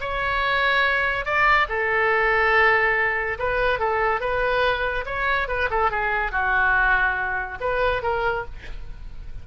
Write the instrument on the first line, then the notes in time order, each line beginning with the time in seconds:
oboe
0.00 C#5
1.25 D5
1.68 A4
3.38 B4
3.79 A4
4.20 B4
5.05 C#5
5.48 B4
5.70 A4
5.90 G#4
6.31 F#4
7.60 B4
8.02 A#4